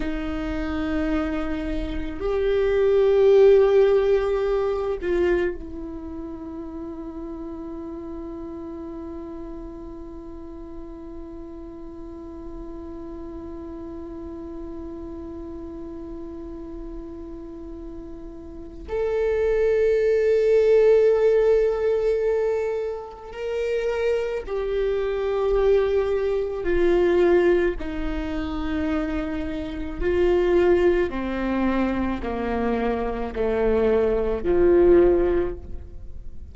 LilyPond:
\new Staff \with { instrumentName = "viola" } { \time 4/4 \tempo 4 = 54 dis'2 g'2~ | g'8 f'8 e'2.~ | e'1~ | e'1~ |
e'4 a'2.~ | a'4 ais'4 g'2 | f'4 dis'2 f'4 | c'4 ais4 a4 f4 | }